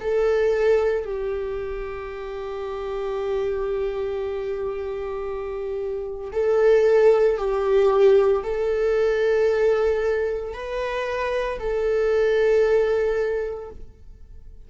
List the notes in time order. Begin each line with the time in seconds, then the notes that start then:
0.00 A4
1.04 G4
6.32 A4
7.37 G4
8.43 A4
10.53 B4
11.59 A4